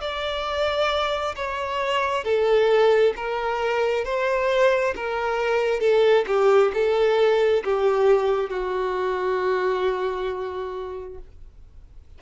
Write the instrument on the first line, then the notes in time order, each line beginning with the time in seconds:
violin
0.00 D5
1.35 C#5
2.24 A4
3.16 A#4
4.04 C5
4.95 A#4
5.80 A4
6.26 G4
6.73 A4
7.64 G4
8.50 F#4